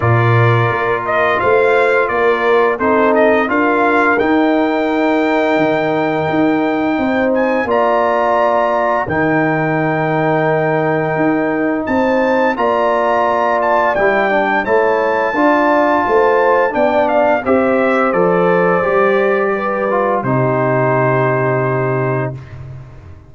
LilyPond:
<<
  \new Staff \with { instrumentName = "trumpet" } { \time 4/4 \tempo 4 = 86 d''4. dis''8 f''4 d''4 | c''8 dis''8 f''4 g''2~ | g''2~ g''8 gis''8 ais''4~ | ais''4 g''2.~ |
g''4 a''4 ais''4. a''8 | g''4 a''2. | g''8 f''8 e''4 d''2~ | d''4 c''2. | }
  \new Staff \with { instrumentName = "horn" } { \time 4/4 ais'2 c''4 ais'4 | a'4 ais'2.~ | ais'2 c''4 d''4~ | d''4 ais'2.~ |
ais'4 c''4 d''2~ | d''4 cis''4 d''4 c''4 | d''4 c''2. | b'4 g'2. | }
  \new Staff \with { instrumentName = "trombone" } { \time 4/4 f'1 | dis'4 f'4 dis'2~ | dis'2. f'4~ | f'4 dis'2.~ |
dis'2 f'2 | e'8 d'8 e'4 f'2 | d'4 g'4 a'4 g'4~ | g'8 f'8 dis'2. | }
  \new Staff \with { instrumentName = "tuba" } { \time 4/4 ais,4 ais4 a4 ais4 | c'4 d'4 dis'2 | dis4 dis'4 c'4 ais4~ | ais4 dis2. |
dis'4 c'4 ais2 | g4 a4 d'4 a4 | b4 c'4 f4 g4~ | g4 c2. | }
>>